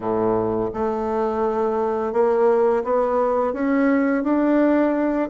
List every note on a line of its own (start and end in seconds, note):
0.00 0.69 A2
0.73 2.12 A3
2.12 2.83 A#3
2.84 3.53 B3
3.53 4.23 C#4
4.23 5.29 D4